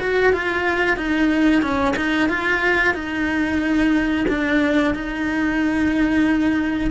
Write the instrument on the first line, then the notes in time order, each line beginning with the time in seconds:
cello
0.00 F#4
0.33 F4
0.97 D#4
1.62 C#4
1.97 D#4
2.29 F4
2.94 D#4
4.29 D4
4.95 D#4